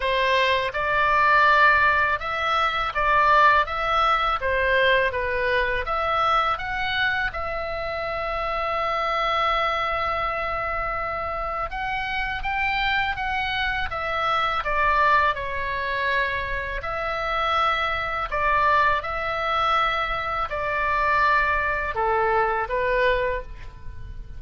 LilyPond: \new Staff \with { instrumentName = "oboe" } { \time 4/4 \tempo 4 = 82 c''4 d''2 e''4 | d''4 e''4 c''4 b'4 | e''4 fis''4 e''2~ | e''1 |
fis''4 g''4 fis''4 e''4 | d''4 cis''2 e''4~ | e''4 d''4 e''2 | d''2 a'4 b'4 | }